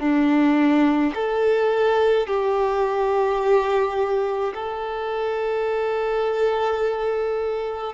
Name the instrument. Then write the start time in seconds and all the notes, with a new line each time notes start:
violin
0.00 D4
1.15 A4
2.27 G4
4.55 A4